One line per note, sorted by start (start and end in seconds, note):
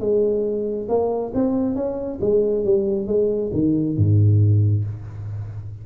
0.00 0.88 G#3
0.89 1.32 A#3
1.34 1.75 C4
1.75 2.19 C#4
2.21 2.65 G#3
2.65 3.07 G3
3.07 3.51 G#3
3.53 3.97 D#3
3.97 4.85 G#2